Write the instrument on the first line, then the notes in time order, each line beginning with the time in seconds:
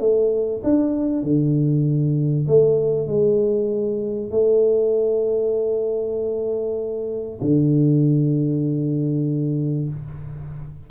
tuba
0.00 A3
0.64 D4
1.23 D3
2.48 A3
3.08 G#3
4.31 A3
7.42 D3